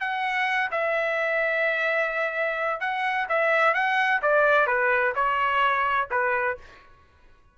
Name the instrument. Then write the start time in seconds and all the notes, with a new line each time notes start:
trumpet
0.00 F#5
0.71 E5
2.81 F#5
3.29 E5
3.74 F#5
4.22 D5
4.67 B4
5.15 C#5
6.11 B4